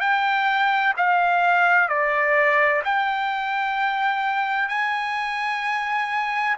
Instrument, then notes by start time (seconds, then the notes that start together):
trumpet
0.00 G5
0.97 F5
1.88 D5
2.85 G5
4.68 G#5